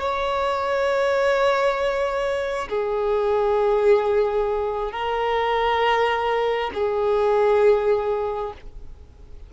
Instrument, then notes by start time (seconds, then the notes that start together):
violin
0.00 C#5
2.69 G#4
4.92 A#4
6.74 G#4